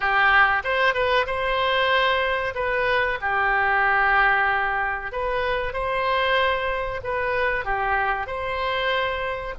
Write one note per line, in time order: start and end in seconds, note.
0.00 0.62 G4
0.64 0.94 C5
0.94 1.26 B4
1.26 2.54 C5
2.54 3.18 B4
3.21 5.12 G4
5.12 5.73 B4
5.73 7.01 C5
7.03 7.64 B4
7.64 8.26 G4
8.26 9.54 C5